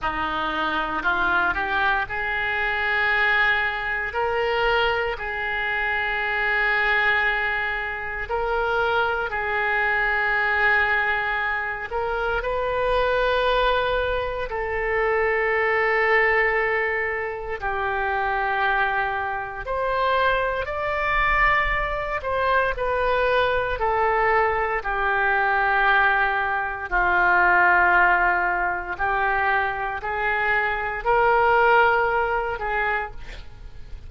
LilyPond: \new Staff \with { instrumentName = "oboe" } { \time 4/4 \tempo 4 = 58 dis'4 f'8 g'8 gis'2 | ais'4 gis'2. | ais'4 gis'2~ gis'8 ais'8 | b'2 a'2~ |
a'4 g'2 c''4 | d''4. c''8 b'4 a'4 | g'2 f'2 | g'4 gis'4 ais'4. gis'8 | }